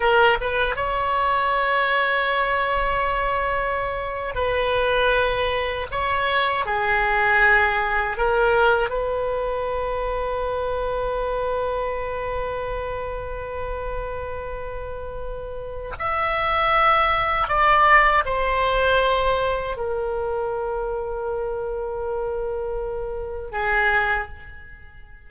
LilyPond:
\new Staff \with { instrumentName = "oboe" } { \time 4/4 \tempo 4 = 79 ais'8 b'8 cis''2.~ | cis''4.~ cis''16 b'2 cis''16~ | cis''8. gis'2 ais'4 b'16~ | b'1~ |
b'1~ | b'4 e''2 d''4 | c''2 ais'2~ | ais'2. gis'4 | }